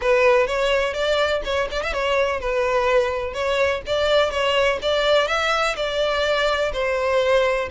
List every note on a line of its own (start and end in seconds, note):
0.01 0.46 B4
0.46 0.93 C#5
0.93 1.41 D5
1.44 1.68 C#5
1.71 1.82 D5
1.82 1.93 E5
1.93 2.40 C#5
2.40 3.33 B4
3.33 3.81 C#5
3.86 4.30 D5
4.30 4.78 C#5
4.81 5.27 D5
5.27 5.75 E5
5.76 6.72 D5
6.72 7.68 C5